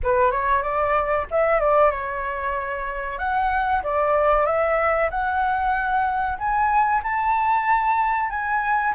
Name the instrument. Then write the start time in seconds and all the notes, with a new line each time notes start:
flute
0.03 B4
0.31 C#5
0.62 D5
1.31 E5
1.60 D5
1.90 C#5
3.18 F#5
3.83 D5
4.45 E5
5.10 F#5
6.38 G#5
7.03 A5
8.29 G#5